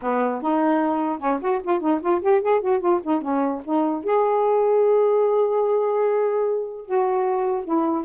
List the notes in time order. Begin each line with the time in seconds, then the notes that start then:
0.02 B3
0.41 D#4
1.19 C#4
1.41 F#4
1.63 F4
1.80 D#4
2.01 F4
2.21 G4
2.41 G#4
2.61 F#4
2.80 F4
3.03 D#4
3.21 C#4
3.64 D#4
4.04 G#4
6.85 F#4
7.64 E4